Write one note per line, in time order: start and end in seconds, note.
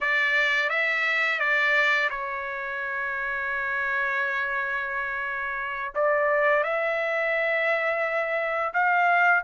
0.00 0.69 D5
0.69 1.39 E5
1.40 2.09 D5
2.10 5.93 C#5
5.95 6.63 D5
6.63 8.73 E5
8.73 9.43 F5